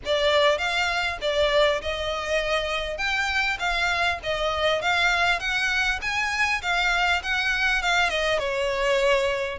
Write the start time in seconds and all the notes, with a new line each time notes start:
0.05 D5
0.58 F5
1.21 D5
1.81 D#5
2.97 G5
3.59 F5
4.23 D#5
4.81 F5
5.39 F#5
6.01 G#5
6.62 F5
7.22 F#5
7.82 F5
8.09 D#5
8.38 C#5